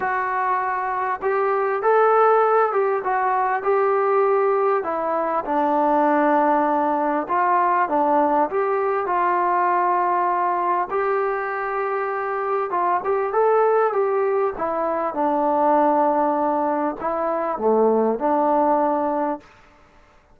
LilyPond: \new Staff \with { instrumentName = "trombone" } { \time 4/4 \tempo 4 = 99 fis'2 g'4 a'4~ | a'8 g'8 fis'4 g'2 | e'4 d'2. | f'4 d'4 g'4 f'4~ |
f'2 g'2~ | g'4 f'8 g'8 a'4 g'4 | e'4 d'2. | e'4 a4 d'2 | }